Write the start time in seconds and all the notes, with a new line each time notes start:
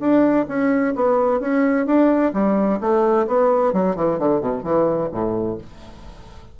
0.00 D4
0.48 C#4
0.96 B3
1.40 C#4
1.87 D4
2.33 G3
2.81 A3
3.27 B3
3.73 F#3
3.96 E3
4.19 D3
4.41 B2
4.64 E3
5.12 A2